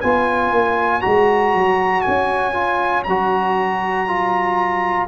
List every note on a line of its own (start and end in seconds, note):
0.00 0.51 B3
0.00 1.01 F4
0.00 5.08 C#5
0.00 1.01 G#5
0.51 1.02 A#3
1.01 1.54 G#3
1.01 2.53 F#4
1.01 2.01 A#5
1.54 2.05 F#3
2.01 3.07 C#4
2.01 3.03 G#5
2.53 3.04 F4
3.03 5.08 F#3
3.03 4.07 F#4
3.03 5.07 A#5
4.07 5.08 F4